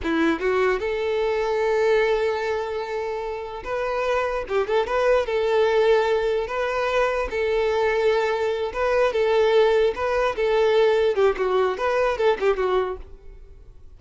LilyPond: \new Staff \with { instrumentName = "violin" } { \time 4/4 \tempo 4 = 148 e'4 fis'4 a'2~ | a'1~ | a'4 b'2 g'8 a'8 | b'4 a'2. |
b'2 a'2~ | a'4. b'4 a'4.~ | a'8 b'4 a'2 g'8 | fis'4 b'4 a'8 g'8 fis'4 | }